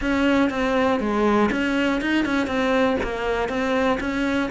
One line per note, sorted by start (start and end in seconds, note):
0.01 0.50 C#4
0.50 1.00 C4
1.00 1.50 G#3
1.51 2.01 C#4
2.01 2.25 D#4
2.25 2.47 C#4
2.47 2.97 C4
3.03 3.48 A#3
3.48 3.98 C4
4.00 4.50 C#4